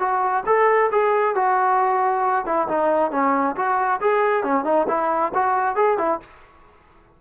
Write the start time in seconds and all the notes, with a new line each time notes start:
0.00 F#4
0.46 A4
0.92 G#4
1.35 F#4
2.46 E4
2.68 D#4
3.12 C#4
3.56 F#4
4.01 G#4
4.44 C#4
4.65 D#4
4.88 E4
5.35 F#4
5.76 G#4
5.98 E4